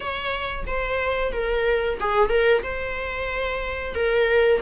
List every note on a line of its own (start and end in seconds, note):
0.00 0.64 C#5
0.67 1.32 C5
1.32 1.98 A#4
2.00 2.29 G#4
2.29 2.62 A#4
2.63 3.94 C5
3.94 4.60 A#4